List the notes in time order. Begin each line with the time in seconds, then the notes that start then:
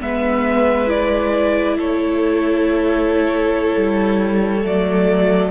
0.00 G#3 B3 B4 E5
0.87 E4 D5
1.77 A3 A4 C#5
3.77 G3
4.63 F#3 A3 D5